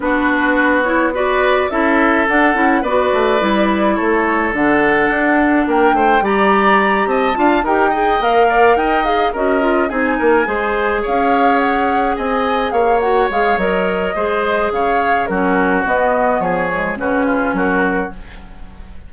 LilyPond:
<<
  \new Staff \with { instrumentName = "flute" } { \time 4/4 \tempo 4 = 106 b'4. cis''8 d''4 e''4 | fis''4 d''2 cis''4 | fis''2 g''4 ais''4~ | ais''8 a''4 g''4 f''4 g''8 |
f''8 dis''4 gis''2 f''8~ | f''8 fis''4 gis''4 f''8 fis''8 f''8 | dis''2 f''4 ais'4 | dis''4 cis''4 b'4 ais'4 | }
  \new Staff \with { instrumentName = "oboe" } { \time 4/4 fis'2 b'4 a'4~ | a'4 b'2 a'4~ | a'2 ais'8 c''8 d''4~ | d''8 dis''8 f''8 ais'8 dis''4 d''8 dis''8~ |
dis''8 ais'4 gis'8 ais'8 c''4 cis''8~ | cis''4. dis''4 cis''4.~ | cis''4 c''4 cis''4 fis'4~ | fis'4 gis'4 fis'8 f'8 fis'4 | }
  \new Staff \with { instrumentName = "clarinet" } { \time 4/4 d'4. e'8 fis'4 e'4 | d'8 e'8 fis'4 e'2 | d'2. g'4~ | g'4 f'8 g'8 gis'8 ais'4. |
gis'8 fis'8 f'8 dis'4 gis'4.~ | gis'2. fis'8 gis'8 | ais'4 gis'2 cis'4 | b4. gis8 cis'2 | }
  \new Staff \with { instrumentName = "bassoon" } { \time 4/4 b2. cis'4 | d'8 cis'8 b8 a8 g4 a4 | d4 d'4 ais8 a8 g4~ | g8 c'8 d'8 dis'4 ais4 dis'8~ |
dis'8 cis'4 c'8 ais8 gis4 cis'8~ | cis'4. c'4 ais4 gis8 | fis4 gis4 cis4 fis4 | b4 f4 cis4 fis4 | }
>>